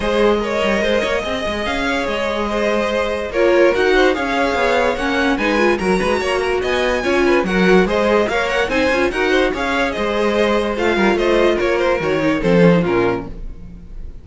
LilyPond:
<<
  \new Staff \with { instrumentName = "violin" } { \time 4/4 \tempo 4 = 145 dis''1 | f''4 dis''2. | cis''4 fis''4 f''2 | fis''4 gis''4 ais''2 |
gis''2 fis''4 dis''4 | f''8 fis''8 gis''4 fis''4 f''4 | dis''2 f''4 dis''4 | cis''8 c''8 cis''4 c''4 ais'4 | }
  \new Staff \with { instrumentName = "violin" } { \time 4/4 c''4 cis''4 c''8 cis''8 dis''4~ | dis''8 cis''4. c''2 | ais'4. c''8 cis''2~ | cis''4 b'4 ais'8 b'8 cis''8 ais'8 |
dis''4 cis''8 b'8 ais'4 c''4 | cis''4 c''4 ais'8 c''8 cis''4 | c''2~ c''8 ais'8 c''4 | ais'2 a'4 f'4 | }
  \new Staff \with { instrumentName = "viola" } { \time 4/4 gis'4 ais'2 gis'4~ | gis'1 | f'4 fis'4 gis'2 | cis'4 dis'8 f'8 fis'2~ |
fis'4 f'4 fis'4 gis'4 | ais'4 dis'8 f'8 fis'4 gis'4~ | gis'2 f'2~ | f'4 fis'8 dis'8 c'8 cis'16 dis'16 cis'4 | }
  \new Staff \with { instrumentName = "cello" } { \time 4/4 gis4. g8 gis8 ais8 c'8 gis8 | cis'4 gis2. | ais4 dis'4 cis'4 b4 | ais4 gis4 fis8 gis8 ais4 |
b4 cis'4 fis4 gis4 | ais4 c'8 cis'8 dis'4 cis'4 | gis2 a8 g8 a4 | ais4 dis4 f4 ais,4 | }
>>